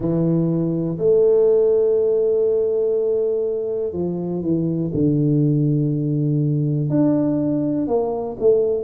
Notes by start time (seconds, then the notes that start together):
0.00 E3
0.98 A3
3.93 F3
4.42 E3
4.93 D3
6.89 D4
7.87 A#3
8.39 A3